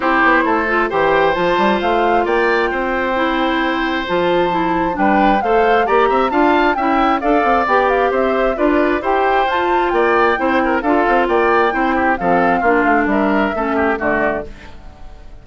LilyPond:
<<
  \new Staff \with { instrumentName = "flute" } { \time 4/4 \tempo 4 = 133 c''2 g''4 a''4 | f''4 g''2.~ | g''4 a''2 g''4 | f''4 ais''4 a''4 g''4 |
f''4 g''8 f''8 e''4 d''4 | g''4 a''4 g''2 | f''4 g''2 f''4~ | f''4 e''2 d''4 | }
  \new Staff \with { instrumentName = "oboe" } { \time 4/4 g'4 a'4 c''2~ | c''4 d''4 c''2~ | c''2. b'4 | c''4 d''8 e''8 f''4 e''4 |
d''2 c''4 b'4 | c''2 d''4 c''8 ais'8 | a'4 d''4 c''8 g'8 a'4 | f'4 ais'4 a'8 g'8 fis'4 | }
  \new Staff \with { instrumentName = "clarinet" } { \time 4/4 e'4. f'8 g'4 f'4~ | f'2. e'4~ | e'4 f'4 e'4 d'4 | a'4 g'4 f'4 e'4 |
a'4 g'2 f'4 | g'4 f'2 e'4 | f'2 e'4 c'4 | d'2 cis'4 a4 | }
  \new Staff \with { instrumentName = "bassoon" } { \time 4/4 c'8 b8 a4 e4 f8 g8 | a4 ais4 c'2~ | c'4 f2 g4 | a4 ais8 c'8 d'4 cis'4 |
d'8 c'8 b4 c'4 d'4 | e'4 f'4 ais4 c'4 | d'8 c'8 ais4 c'4 f4 | ais8 a8 g4 a4 d4 | }
>>